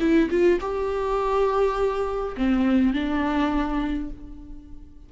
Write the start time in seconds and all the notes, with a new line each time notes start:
0.00 E4
0.30 F4
0.61 G4
2.37 C4
2.93 D4